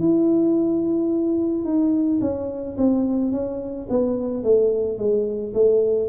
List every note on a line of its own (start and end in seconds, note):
0.00 1.65 E4
1.65 2.20 D#4
2.21 2.77 C#4
2.78 3.32 C4
3.32 3.87 C#4
3.90 4.43 B3
4.43 4.98 A3
4.98 5.54 G#3
5.54 6.10 A3